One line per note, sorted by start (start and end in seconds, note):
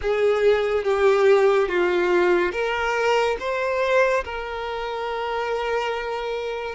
0.01 0.83 G#4
0.83 1.68 G4
1.68 2.52 F4
2.52 3.36 A#4
3.39 4.24 C5
4.24 6.75 A#4